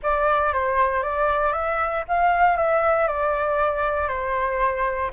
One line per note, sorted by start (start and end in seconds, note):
0.02 0.53 D5
0.53 1.03 C5
1.03 1.52 D5
1.52 2.04 E5
2.07 2.56 F5
2.56 3.07 E5
3.07 4.08 D5
4.08 5.10 C5